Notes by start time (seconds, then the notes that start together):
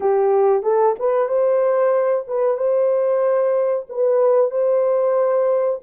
0.00 G4
0.62 A4
0.99 B4
1.28 C5
2.27 B4
2.57 C5
3.89 B4
4.50 C5